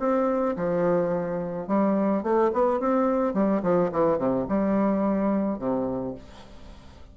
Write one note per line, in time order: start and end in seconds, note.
0.00 0.56 C4
0.57 1.68 F3
1.68 2.23 G3
2.23 2.51 A3
2.53 2.80 B3
2.80 3.34 C4
3.34 3.62 G3
3.63 3.91 F3
3.93 4.19 E3
4.19 4.47 C3
4.49 5.59 G3
5.59 6.15 C3